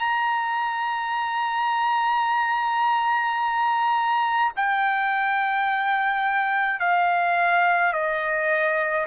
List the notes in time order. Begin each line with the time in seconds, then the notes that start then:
0.00 A#5
4.56 G5
6.80 F5
7.93 D#5